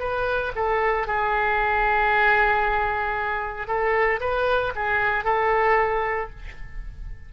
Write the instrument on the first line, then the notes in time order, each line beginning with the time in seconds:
oboe
0.00 B4
0.56 A4
1.07 G#4
3.67 A4
4.21 B4
4.76 G#4
5.24 A4